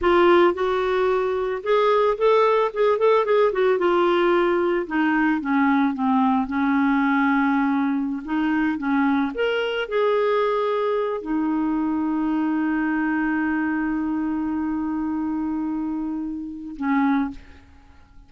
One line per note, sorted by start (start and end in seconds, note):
0.01 0.54 F4
0.54 1.62 F#4
1.63 2.17 G#4
2.17 2.71 A4
2.73 2.98 G#4
2.98 3.25 A4
3.25 3.52 G#4
3.52 3.78 F#4
3.78 4.86 F4
4.86 5.40 D#4
5.41 5.93 C#4
5.93 6.47 C4
6.47 8.23 C#4
8.25 8.77 D#4
8.77 9.31 C#4
9.34 9.88 A#4
9.88 11.21 G#4
11.21 16.75 D#4
16.76 17.30 C#4